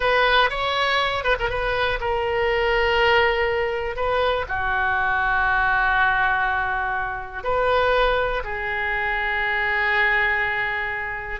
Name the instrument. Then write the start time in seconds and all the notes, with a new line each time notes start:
oboe
0.00 B4
0.50 C#5
1.24 B4
1.39 A#4
1.49 B4
2.00 A#4
3.96 B4
4.48 F#4
7.43 B4
8.43 G#4